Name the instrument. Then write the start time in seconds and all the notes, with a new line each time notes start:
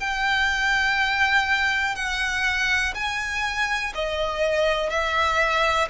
violin
0.00 G5
1.96 F#5
2.95 G#5
3.95 D#5
4.90 E5